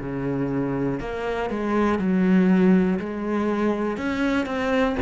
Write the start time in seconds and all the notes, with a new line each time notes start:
0.00 C#3
1.00 A#3
1.50 G#3
1.98 F#3
2.99 G#3
3.97 C#4
4.45 C4